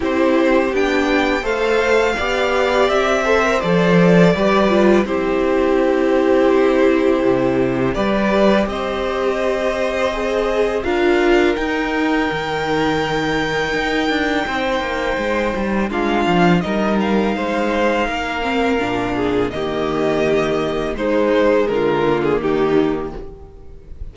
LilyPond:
<<
  \new Staff \with { instrumentName = "violin" } { \time 4/4 \tempo 4 = 83 c''4 g''4 f''2 | e''4 d''2 c''4~ | c''2. d''4 | dis''2. f''4 |
g''1~ | g''2 f''4 dis''8 f''8~ | f''2. dis''4~ | dis''4 c''4 ais'8. gis'16 g'4 | }
  \new Staff \with { instrumentName = "violin" } { \time 4/4 g'2 c''4 d''4~ | d''8 c''4. b'4 g'4~ | g'2. b'4 | c''2. ais'4~ |
ais'1 | c''2 f'4 ais'4 | c''4 ais'4. gis'8 g'4~ | g'4 dis'4 f'4 dis'4 | }
  \new Staff \with { instrumentName = "viola" } { \time 4/4 e'4 d'4 a'4 g'4~ | g'8 a'16 ais'16 a'4 g'8 f'8 e'4~ | e'2. g'4~ | g'2 gis'4 f'4 |
dis'1~ | dis'2 d'4 dis'4~ | dis'4. c'8 d'4 ais4~ | ais4 gis4. ais4. | }
  \new Staff \with { instrumentName = "cello" } { \time 4/4 c'4 b4 a4 b4 | c'4 f4 g4 c'4~ | c'2 c4 g4 | c'2. d'4 |
dis'4 dis2 dis'8 d'8 | c'8 ais8 gis8 g8 gis8 f8 g4 | gis4 ais4 ais,4 dis4~ | dis4 gis4 d4 dis4 | }
>>